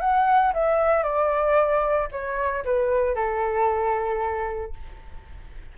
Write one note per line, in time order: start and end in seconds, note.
0.00 0.53 F#5
0.53 1.03 E5
1.03 2.08 D5
2.11 2.64 C#5
2.64 3.15 B4
3.15 4.73 A4